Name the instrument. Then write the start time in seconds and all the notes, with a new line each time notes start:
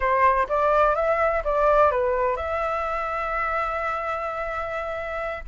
flute
0.00 C5
0.49 D5
0.95 E5
1.44 D5
1.91 B4
2.36 E5